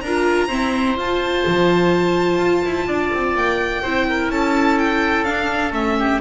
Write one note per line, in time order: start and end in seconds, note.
0.00 0.49 D4
0.00 0.47 A#4
0.00 0.95 A#5
0.07 0.49 F4
0.47 0.96 C4
0.47 0.96 E4
0.47 2.85 C5
0.96 3.81 F4
0.96 1.44 F4
0.96 3.36 A5
1.46 2.38 F3
2.38 2.62 F4
2.65 2.87 E4
2.87 3.11 D4
2.87 3.82 D5
3.13 3.35 C4
3.35 3.83 A#3
3.35 4.31 G5
3.82 4.29 C4
3.82 5.27 E4
3.82 4.06 C5
4.09 4.32 A#4
4.29 5.24 C#4
4.29 5.99 A4
4.29 4.78 A5
4.78 5.24 G5
5.24 5.71 D4
5.24 5.72 D4
5.24 5.71 F5
5.71 6.19 A3
5.71 6.20 C#4
5.71 6.21 E5
5.99 6.21 G4